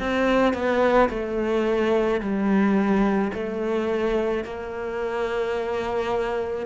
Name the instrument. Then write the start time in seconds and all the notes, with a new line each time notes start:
cello
0.00 C4
0.54 B3
1.10 A3
2.21 G3
3.34 A3
4.45 A#3